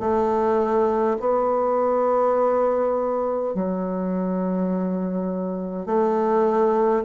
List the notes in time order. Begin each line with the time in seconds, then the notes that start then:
0.00 A3
1.20 B3
3.55 F#3
5.86 A3